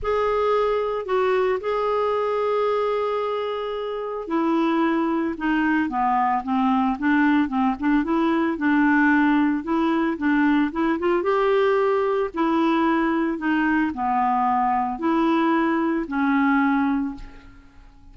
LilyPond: \new Staff \with { instrumentName = "clarinet" } { \time 4/4 \tempo 4 = 112 gis'2 fis'4 gis'4~ | gis'1 | e'2 dis'4 b4 | c'4 d'4 c'8 d'8 e'4 |
d'2 e'4 d'4 | e'8 f'8 g'2 e'4~ | e'4 dis'4 b2 | e'2 cis'2 | }